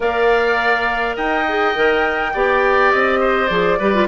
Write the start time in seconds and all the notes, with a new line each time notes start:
0.00 A#3 A#4 D5 F5
1.16 D#4 D#5 G5
1.48 G#4
1.75 D#3 A#4
2.33 B3 G4 D5
2.91 C4 D#5
3.20 C5
3.48 F3 G#4 D5
3.78 G3 G4 B4
3.94 F4